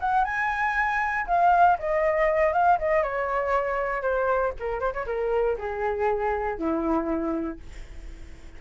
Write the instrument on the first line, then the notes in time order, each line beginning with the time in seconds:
flute
0.00 F#5
0.24 G#5
1.27 F5
1.79 D#5
2.53 F5
2.79 D#5
3.03 C#5
4.02 C5
4.59 A#4
4.80 C5
4.93 C#5
5.06 A#4
5.59 G#4
6.58 E4